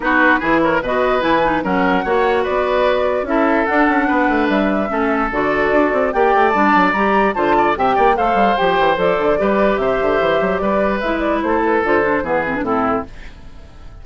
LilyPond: <<
  \new Staff \with { instrumentName = "flute" } { \time 4/4 \tempo 4 = 147 b'4. cis''8 dis''4 gis''4 | fis''2 d''2 | e''4 fis''2 e''4~ | e''4 d''2 g''4 |
a''4 ais''4 a''4 g''4 | f''4 g''4 d''2 | e''2 d''4 e''8 d''8 | c''8 b'8 c''4 b'4 a'4 | }
  \new Staff \with { instrumentName = "oboe" } { \time 4/4 fis'4 gis'8 ais'8 b'2 | ais'4 cis''4 b'2 | a'2 b'2 | a'2. d''4~ |
d''2 c''8 d''8 e''8 d''8 | c''2. b'4 | c''2 b'2 | a'2 gis'4 e'4 | }
  \new Staff \with { instrumentName = "clarinet" } { \time 4/4 dis'4 e'4 fis'4 e'8 dis'8 | cis'4 fis'2. | e'4 d'2. | cis'4 fis'2 g'4 |
d'4 g'4 f'4 g'4 | a'4 g'4 a'4 g'4~ | g'2. e'4~ | e'4 f'8 d'8 b8 c'16 d'16 c'4 | }
  \new Staff \with { instrumentName = "bassoon" } { \time 4/4 b4 e4 b,4 e4 | fis4 ais4 b2 | cis'4 d'8 cis'8 b8 a8 g4 | a4 d4 d'8 c'8 ais8 a8 |
g8 fis8 g4 d4 c8 ais8 | a8 g8 f8 e8 f8 d8 g4 | c8 d8 e8 fis8 g4 gis4 | a4 d4 e4 a,4 | }
>>